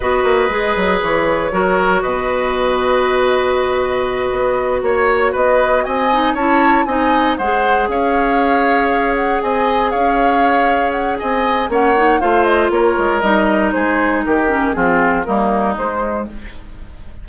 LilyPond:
<<
  \new Staff \with { instrumentName = "flute" } { \time 4/4 \tempo 4 = 118 dis''2 cis''2 | dis''1~ | dis''4. cis''4 dis''4 gis''8~ | gis''8 a''4 gis''4 fis''4 f''8~ |
f''2 fis''8 gis''4 f''8~ | f''4. fis''8 gis''4 fis''4 | f''8 dis''8 cis''4 dis''4 c''4 | ais'4 gis'4 ais'4 c''4 | }
  \new Staff \with { instrumentName = "oboe" } { \time 4/4 b'2. ais'4 | b'1~ | b'4. cis''4 b'4 dis''8~ | dis''8 cis''4 dis''4 c''4 cis''8~ |
cis''2~ cis''8 dis''4 cis''8~ | cis''2 dis''4 cis''4 | c''4 ais'2 gis'4 | g'4 f'4 dis'2 | }
  \new Staff \with { instrumentName = "clarinet" } { \time 4/4 fis'4 gis'2 fis'4~ | fis'1~ | fis'1 | dis'8 e'4 dis'4 gis'4.~ |
gis'1~ | gis'2. cis'8 dis'8 | f'2 dis'2~ | dis'8 cis'8 c'4 ais4 gis4 | }
  \new Staff \with { instrumentName = "bassoon" } { \time 4/4 b8 ais8 gis8 fis8 e4 fis4 | b,1~ | b,8 b4 ais4 b4 c'8~ | c'8 cis'4 c'4 gis4 cis'8~ |
cis'2~ cis'8 c'4 cis'8~ | cis'2 c'4 ais4 | a4 ais8 gis8 g4 gis4 | dis4 f4 g4 gis4 | }
>>